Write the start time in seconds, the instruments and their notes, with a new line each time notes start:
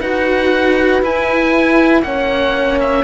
0.00 cello D#4 F#4, horn B4, oboe F#5
1.02 cello E4, oboe G#5
2.02 cello A#3 C#4, horn C#5, oboe F#5
2.80 oboe E5